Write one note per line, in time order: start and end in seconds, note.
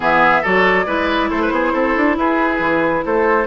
0.00 0.43 E3
0.00 0.42 B3
0.00 0.42 G#4
0.00 0.44 E5
0.42 0.86 F#3
0.42 0.86 F#4
0.42 0.85 A4
0.42 1.30 D5
0.86 1.30 G#3
0.86 3.46 E4
0.86 1.29 B4
1.30 1.50 A3
1.30 1.41 A4
1.30 2.16 C5
1.41 1.52 B4
1.50 1.72 B3
1.50 1.72 G#4
1.72 1.95 C4
1.72 2.16 A4
1.96 2.17 D4
2.17 2.59 E4
2.17 3.05 G#4
2.17 3.04 B4
2.59 3.02 E3
3.05 3.46 A3
3.05 3.46 A4
3.05 3.46 C5